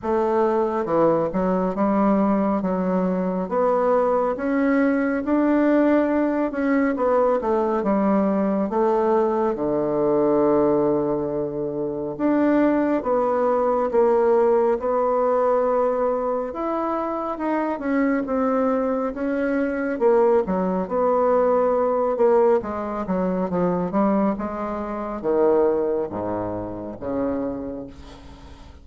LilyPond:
\new Staff \with { instrumentName = "bassoon" } { \time 4/4 \tempo 4 = 69 a4 e8 fis8 g4 fis4 | b4 cis'4 d'4. cis'8 | b8 a8 g4 a4 d4~ | d2 d'4 b4 |
ais4 b2 e'4 | dis'8 cis'8 c'4 cis'4 ais8 fis8 | b4. ais8 gis8 fis8 f8 g8 | gis4 dis4 gis,4 cis4 | }